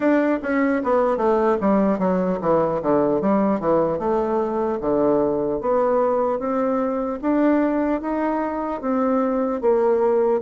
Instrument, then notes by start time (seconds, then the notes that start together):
bassoon
0.00 D4
0.42 C#4
0.83 B3
1.17 A3
1.60 G3
1.98 F#3
2.41 E3
2.81 D3
3.21 G3
3.60 E3
3.99 A3
4.80 D3
5.60 B3
6.39 C4
7.21 D4
8.01 D#4
8.81 C4
9.61 A#3